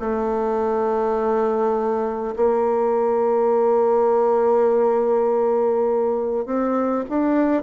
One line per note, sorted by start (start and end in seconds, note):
0.00 2.35 A3
2.36 6.46 A#3
6.46 7.05 C4
7.10 7.63 D4